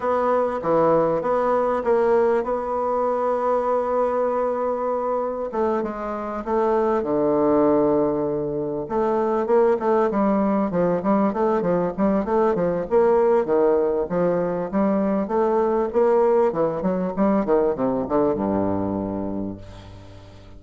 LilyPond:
\new Staff \with { instrumentName = "bassoon" } { \time 4/4 \tempo 4 = 98 b4 e4 b4 ais4 | b1~ | b4 a8 gis4 a4 d8~ | d2~ d8 a4 ais8 |
a8 g4 f8 g8 a8 f8 g8 | a8 f8 ais4 dis4 f4 | g4 a4 ais4 e8 fis8 | g8 dis8 c8 d8 g,2 | }